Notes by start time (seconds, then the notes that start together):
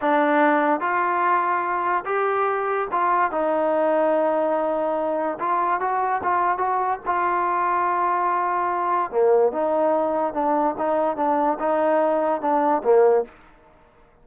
0.01 D4
0.80 F4
2.05 G4
2.91 F4
3.31 D#4
5.39 F4
5.80 F#4
6.23 F4
6.58 F#4
7.06 F4
9.11 A#3
9.52 D#4
10.33 D4
10.78 D#4
11.16 D4
11.59 D#4
12.41 D4
12.83 A#3